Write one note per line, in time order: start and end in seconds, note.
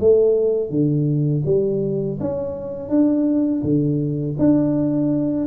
0.00 0.70 A3
0.70 1.43 D3
1.45 2.19 G3
2.20 2.89 C#4
2.89 3.63 D4
3.63 4.36 D3
4.39 5.47 D4